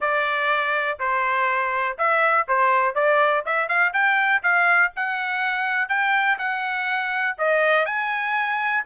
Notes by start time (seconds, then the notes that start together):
0.00 D5
0.99 C5
1.98 E5
2.47 C5
2.94 D5
3.45 E5
3.68 F5
3.93 G5
4.42 F5
4.96 F#5
5.89 G5
6.38 F#5
7.38 D#5
7.85 G#5